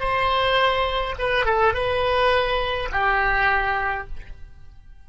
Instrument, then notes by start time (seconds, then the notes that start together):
oboe
0.00 C5
1.19 B4
1.46 A4
1.74 B4
2.92 G4